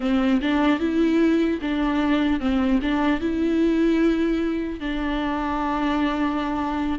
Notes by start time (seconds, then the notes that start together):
0.00 C4
0.41 D4
0.79 E4
1.61 D4
2.40 C4
2.81 D4
3.20 E4
4.80 D4